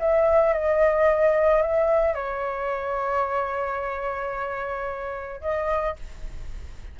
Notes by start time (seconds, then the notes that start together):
0.00 E5
0.54 D#5
1.62 E5
2.15 C#5
5.42 D#5